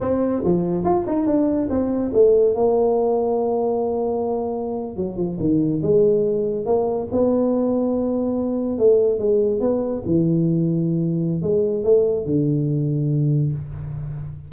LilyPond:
\new Staff \with { instrumentName = "tuba" } { \time 4/4 \tempo 4 = 142 c'4 f4 f'8 dis'8 d'4 | c'4 a4 ais2~ | ais2.~ ais8. fis16~ | fis16 f8 dis4 gis2 ais16~ |
ais8. b2.~ b16~ | b8. a4 gis4 b4 e16~ | e2. gis4 | a4 d2. | }